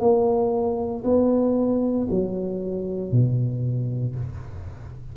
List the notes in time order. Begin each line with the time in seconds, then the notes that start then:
0.00 A#3
1.04 B3
2.10 F#3
3.12 B2